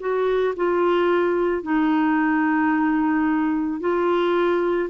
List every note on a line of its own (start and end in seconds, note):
0.00 0.55 F#4
0.57 1.63 F4
1.63 3.81 D#4
3.81 4.90 F4